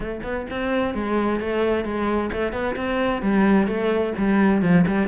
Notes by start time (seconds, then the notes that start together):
0.00 A3
0.23 B3
0.50 C4
0.94 G#3
1.40 A3
1.84 G#3
2.32 A3
2.52 B3
2.76 C4
3.22 G3
3.67 A3
4.17 G3
4.62 F3
4.87 G3